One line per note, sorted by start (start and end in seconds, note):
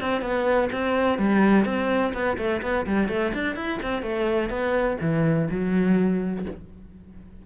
0.00 0.21 C4
0.21 0.69 B3
0.72 1.18 C4
1.18 1.65 G3
1.65 2.13 C4
2.13 2.37 B3
2.37 2.61 A3
2.62 2.85 B3
2.86 3.08 G3
3.08 3.32 A3
3.34 3.55 D4
3.55 3.79 E4
3.82 4.02 C4
4.02 4.49 A3
4.49 4.97 B3
5.00 5.48 E3
5.50 6.45 F#3